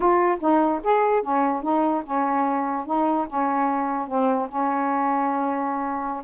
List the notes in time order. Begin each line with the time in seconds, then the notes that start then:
0.00 F4
0.40 D#4
0.83 G#4
1.22 C#4
1.62 D#4
2.05 C#4
2.86 D#4
3.27 C#4
4.07 C4
4.49 C#4